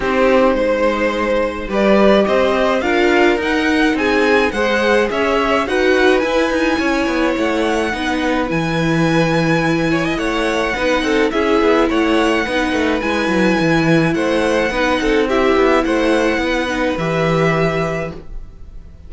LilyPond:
<<
  \new Staff \with { instrumentName = "violin" } { \time 4/4 \tempo 4 = 106 c''2. d''4 | dis''4 f''4 fis''4 gis''4 | fis''4 e''4 fis''4 gis''4~ | gis''4 fis''2 gis''4~ |
gis''2 fis''2 | e''4 fis''2 gis''4~ | gis''4 fis''2 e''4 | fis''2 e''2 | }
  \new Staff \with { instrumentName = "violin" } { \time 4/4 g'4 c''2 b'4 | c''4 ais'2 gis'4 | c''4 cis''4 b'2 | cis''2 b'2~ |
b'4. cis''16 dis''16 cis''4 b'8 a'8 | gis'4 cis''4 b'2~ | b'4 c''4 b'8 a'8 g'4 | c''4 b'2. | }
  \new Staff \with { instrumentName = "viola" } { \time 4/4 dis'2. g'4~ | g'4 f'4 dis'2 | gis'2 fis'4 e'4~ | e'2 dis'4 e'4~ |
e'2. dis'4 | e'2 dis'4 e'4~ | e'2 dis'4 e'4~ | e'4. dis'8 g'2 | }
  \new Staff \with { instrumentName = "cello" } { \time 4/4 c'4 gis2 g4 | c'4 d'4 dis'4 c'4 | gis4 cis'4 dis'4 e'8 dis'8 | cis'8 b8 a4 b4 e4~ |
e2 a4 b8 c'8 | cis'8 b8 a4 b8 a8 gis8 fis8 | e4 a4 b8 c'4 b8 | a4 b4 e2 | }
>>